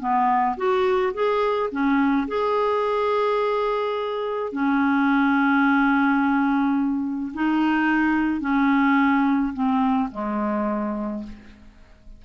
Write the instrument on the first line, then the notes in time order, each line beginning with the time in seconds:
clarinet
0.00 B3
0.57 F#4
1.14 G#4
1.71 C#4
2.28 G#4
4.52 C#4
7.34 D#4
8.41 C#4
9.53 C4
10.11 G#3